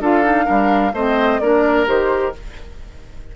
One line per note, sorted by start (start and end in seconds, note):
0.00 0.47 D4
0.00 0.23 F4
0.00 0.45 A4
0.00 0.95 F5
0.23 0.45 D#4
0.45 0.93 G3
0.45 0.91 D4
0.45 0.92 A#4
0.93 1.39 A3
0.93 1.41 C4
0.93 1.41 C5
0.93 1.40 D#5
1.40 1.87 A#3
1.40 1.86 D4
1.40 2.36 A#4
1.40 1.86 D5
1.86 2.34 D#3
1.86 2.33 G4
1.86 2.34 C5